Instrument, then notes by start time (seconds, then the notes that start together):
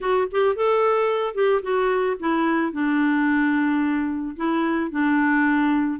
clarinet
0.00 F#4
0.31 G4
0.55 A4
1.34 G4
1.62 F#4
2.19 E4
2.72 D4
4.36 E4
4.91 D4